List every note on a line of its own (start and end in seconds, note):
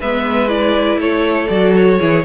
0.00 0.97 G#3
0.00 0.49 B3
0.00 1.00 B4
0.00 0.49 E5
0.49 1.49 E4
0.49 0.99 D5
0.97 1.47 A3
0.97 2.00 A4
0.97 1.49 C#5
1.49 2.00 F#3
1.49 2.01 F#4
1.49 1.74 D5
1.76 2.25 C#5
2.00 2.25 E3
2.00 2.25 E4
2.00 2.25 G#4